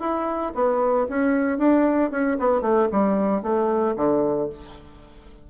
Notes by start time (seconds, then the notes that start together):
0.00 E4
0.55 B3
1.09 C#4
1.58 D4
2.11 C#4
2.39 B3
2.62 A3
2.92 G3
3.42 A3
3.96 D3